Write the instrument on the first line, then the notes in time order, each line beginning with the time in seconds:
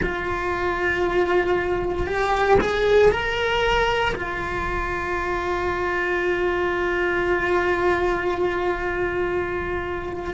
cello
0.02 F4
2.06 G4
2.61 G#4
3.11 A#4
4.15 F4